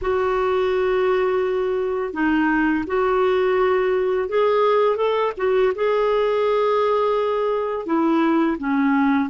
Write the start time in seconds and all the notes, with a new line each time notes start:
0.01 F#4
2.13 D#4
2.86 F#4
4.28 G#4
4.96 A4
5.37 F#4
5.75 G#4
7.86 E4
8.57 C#4